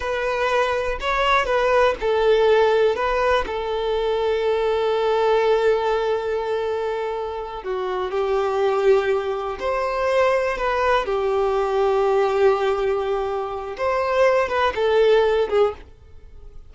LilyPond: \new Staff \with { instrumentName = "violin" } { \time 4/4 \tempo 4 = 122 b'2 cis''4 b'4 | a'2 b'4 a'4~ | a'1~ | a'2.~ a'8 fis'8~ |
fis'8 g'2. c''8~ | c''4. b'4 g'4.~ | g'1 | c''4. b'8 a'4. gis'8 | }